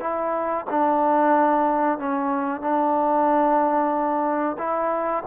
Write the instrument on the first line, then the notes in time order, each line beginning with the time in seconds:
trombone
0.00 E4
0.70 D4
1.98 C#4
2.61 D4
4.58 E4